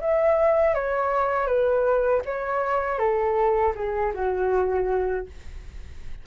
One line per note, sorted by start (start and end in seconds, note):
0.00 0.74 E5
0.74 1.46 C#5
1.46 2.21 B4
2.25 2.98 C#5
2.98 3.73 A4
3.75 4.12 G#4
4.14 5.26 F#4